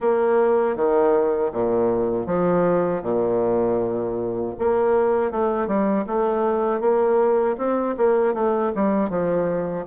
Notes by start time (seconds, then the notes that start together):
0.00 A#3
0.76 D#3
1.52 A#2
2.26 F3
3.02 A#2
4.58 A#3
5.31 A3
5.67 G3
6.06 A3
6.80 A#3
7.57 C4
7.97 A#3
8.33 A3
8.75 G3
9.09 F3